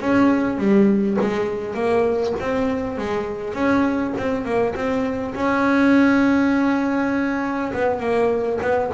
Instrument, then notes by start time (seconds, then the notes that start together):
double bass
0.00 C#4
0.58 G3
1.20 G#3
1.74 A#3
2.39 C4
2.97 G#3
3.53 C#4
4.17 C4
4.45 A#3
4.74 C4
5.34 C#4
7.73 B3
7.99 A#3
8.61 B3